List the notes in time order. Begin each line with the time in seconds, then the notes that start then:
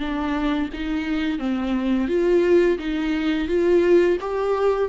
0.00 D4
0.74 D#4
1.40 C4
2.09 F4
2.79 D#4
3.49 F4
4.21 G4